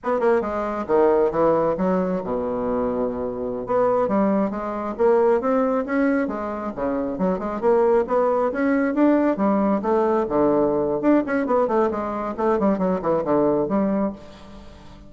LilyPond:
\new Staff \with { instrumentName = "bassoon" } { \time 4/4 \tempo 4 = 136 b8 ais8 gis4 dis4 e4 | fis4 b,2.~ | b,16 b4 g4 gis4 ais8.~ | ais16 c'4 cis'4 gis4 cis8.~ |
cis16 fis8 gis8 ais4 b4 cis'8.~ | cis'16 d'4 g4 a4 d8.~ | d4 d'8 cis'8 b8 a8 gis4 | a8 g8 fis8 e8 d4 g4 | }